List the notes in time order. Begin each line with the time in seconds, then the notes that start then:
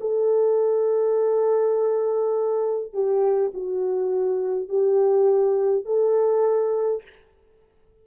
0.00 A4
2.93 G4
3.54 F#4
4.68 G4
5.84 A4